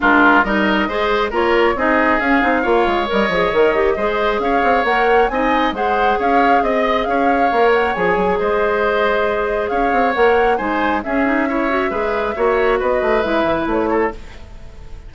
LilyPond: <<
  \new Staff \with { instrumentName = "flute" } { \time 4/4 \tempo 4 = 136 ais'4 dis''2 cis''4 | dis''4 f''2 dis''4~ | dis''2 f''4 fis''4 | gis''4 fis''4 f''4 dis''4 |
f''4. fis''8 gis''4 dis''4~ | dis''2 f''4 fis''4 | gis''4 e''2.~ | e''4 dis''4 e''4 cis''4 | }
  \new Staff \with { instrumentName = "oboe" } { \time 4/4 f'4 ais'4 c''4 ais'4 | gis'2 cis''2~ | cis''4 c''4 cis''2 | dis''4 c''4 cis''4 dis''4 |
cis''2. c''4~ | c''2 cis''2 | c''4 gis'4 cis''4 b'4 | cis''4 b'2~ b'8 a'8 | }
  \new Staff \with { instrumentName = "clarinet" } { \time 4/4 d'4 dis'4 gis'4 f'4 | dis'4 cis'8 dis'8 f'4 ais'8 gis'8 | ais'8 g'8 gis'2 ais'4 | dis'4 gis'2.~ |
gis'4 ais'4 gis'2~ | gis'2. ais'4 | dis'4 cis'8 dis'8 e'8 fis'8 gis'4 | fis'2 e'2 | }
  \new Staff \with { instrumentName = "bassoon" } { \time 4/4 gis4 g4 gis4 ais4 | c'4 cis'8 c'8 ais8 gis8 g8 f8 | dis4 gis4 cis'8 c'8 ais4 | c'4 gis4 cis'4 c'4 |
cis'4 ais4 f8 fis8 gis4~ | gis2 cis'8 c'8 ais4 | gis4 cis'2 gis4 | ais4 b8 a8 gis8 e8 a4 | }
>>